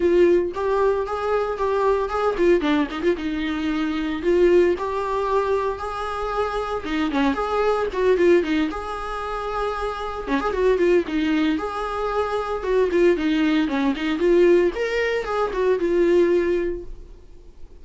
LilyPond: \new Staff \with { instrumentName = "viola" } { \time 4/4 \tempo 4 = 114 f'4 g'4 gis'4 g'4 | gis'8 f'8 d'8 dis'16 f'16 dis'2 | f'4 g'2 gis'4~ | gis'4 dis'8 cis'8 gis'4 fis'8 f'8 |
dis'8 gis'2. cis'16 gis'16 | fis'8 f'8 dis'4 gis'2 | fis'8 f'8 dis'4 cis'8 dis'8 f'4 | ais'4 gis'8 fis'8 f'2 | }